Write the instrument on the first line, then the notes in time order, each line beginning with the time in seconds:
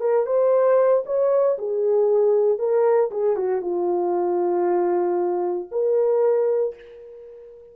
horn
0.00 A#4
0.26 C5
1.06 C#5
1.58 G#4
2.58 A#4
3.11 G#4
3.36 F#4
3.61 F4
5.71 A#4